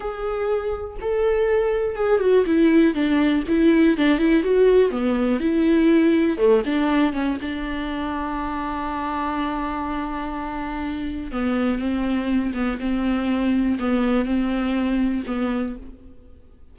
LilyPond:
\new Staff \with { instrumentName = "viola" } { \time 4/4 \tempo 4 = 122 gis'2 a'2 | gis'8 fis'8 e'4 d'4 e'4 | d'8 e'8 fis'4 b4 e'4~ | e'4 a8 d'4 cis'8 d'4~ |
d'1~ | d'2. b4 | c'4. b8 c'2 | b4 c'2 b4 | }